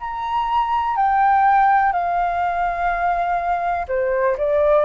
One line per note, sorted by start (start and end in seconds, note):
0.00 0.96 A#5
0.96 1.93 G5
1.93 3.86 F5
3.88 4.36 C5
4.38 4.85 D5